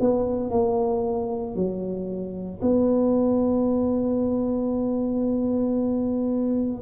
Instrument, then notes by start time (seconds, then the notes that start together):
tuba
0.00 B3
0.50 A#3
1.55 F#3
2.62 B3